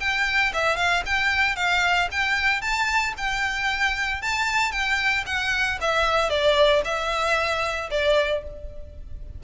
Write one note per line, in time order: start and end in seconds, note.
0.00 0.53 G5
0.53 0.77 E5
0.77 1.03 F5
1.06 1.56 G5
1.56 2.09 F5
2.11 2.61 G5
2.61 3.14 A5
3.18 4.22 G5
4.22 4.72 A5
4.72 5.24 G5
5.26 5.79 F#5
5.81 6.30 E5
6.30 6.82 D5
6.84 7.90 E5
7.91 8.43 D5